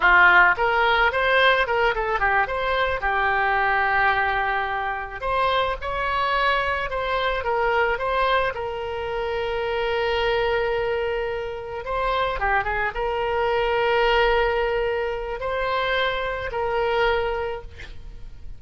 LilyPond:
\new Staff \with { instrumentName = "oboe" } { \time 4/4 \tempo 4 = 109 f'4 ais'4 c''4 ais'8 a'8 | g'8 c''4 g'2~ g'8~ | g'4. c''4 cis''4.~ | cis''8 c''4 ais'4 c''4 ais'8~ |
ais'1~ | ais'4. c''4 g'8 gis'8 ais'8~ | ais'1 | c''2 ais'2 | }